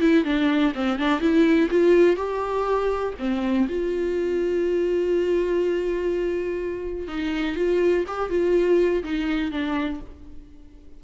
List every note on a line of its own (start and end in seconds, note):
0.00 0.24 E4
0.24 0.73 D4
0.74 0.98 C4
0.98 1.20 D4
1.20 1.69 E4
1.70 2.16 F4
2.16 3.13 G4
3.19 3.67 C4
3.68 7.08 F4
7.08 7.55 D#4
7.55 8.04 F4
8.07 8.29 G4
8.29 9.02 F4
9.03 9.51 D#4
9.51 10.00 D4